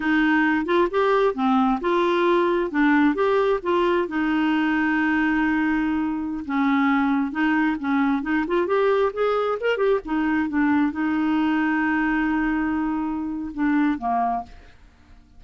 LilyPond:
\new Staff \with { instrumentName = "clarinet" } { \time 4/4 \tempo 4 = 133 dis'4. f'8 g'4 c'4 | f'2 d'4 g'4 | f'4 dis'2.~ | dis'2~ dis'16 cis'4.~ cis'16~ |
cis'16 dis'4 cis'4 dis'8 f'8 g'8.~ | g'16 gis'4 ais'8 g'8 dis'4 d'8.~ | d'16 dis'2.~ dis'8.~ | dis'2 d'4 ais4 | }